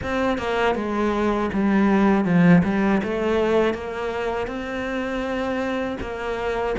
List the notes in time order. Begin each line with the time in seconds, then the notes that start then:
0.02 C4
0.38 A#3
0.75 G#3
1.53 G3
2.24 F3
2.64 G3
3.03 A3
3.73 A#3
4.47 C4
6.00 A#3